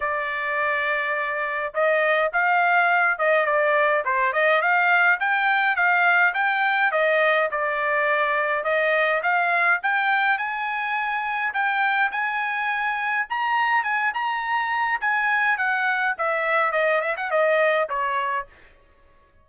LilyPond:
\new Staff \with { instrumentName = "trumpet" } { \time 4/4 \tempo 4 = 104 d''2. dis''4 | f''4. dis''8 d''4 c''8 dis''8 | f''4 g''4 f''4 g''4 | dis''4 d''2 dis''4 |
f''4 g''4 gis''2 | g''4 gis''2 ais''4 | gis''8 ais''4. gis''4 fis''4 | e''4 dis''8 e''16 fis''16 dis''4 cis''4 | }